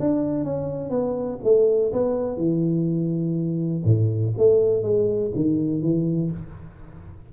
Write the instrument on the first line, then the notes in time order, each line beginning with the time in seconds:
tuba
0.00 D4
0.44 C#4
0.90 B3
1.43 A3
1.93 B3
2.37 E3
3.85 A2
4.38 A3
4.83 G#3
5.35 D#3
5.82 E3